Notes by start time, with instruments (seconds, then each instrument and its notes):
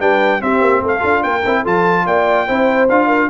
0.00 tuba G3, trombone D4, horn B4, trumpet G5
0.40 trombone C4, tuba C4, horn G4, trumpet E5
0.61 tuba A#3
0.83 tuba A3, horn A4, trumpet F5
1.00 tuba D4, trombone F4
1.23 tuba A#3, horn A#4, trumpet G5
1.46 tuba C4, trombone E4
1.62 tuba F3, trombone F4, horn A4, trumpet A5
2.06 tuba A#3, horn D5, trumpet G5
2.47 tuba C4, trombone E4, horn C5
2.89 tuba D4, trombone F4, trumpet F5
3.07 horn A#4